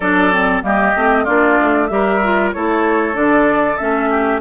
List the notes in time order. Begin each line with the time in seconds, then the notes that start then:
0.00 F#3 D4 A4 D5
0.32 C4
0.62 G3 A#3 G4 D#5
0.95 A3 C4
1.24 A#3 D4 F4 D5
1.60 A3
1.87 G3 G4 A#4 E5
2.23 F4
2.52 A3 E4 A4 C#5
3.13 D3 D4 D5
3.77 A3 C#4 E5
4.10 G4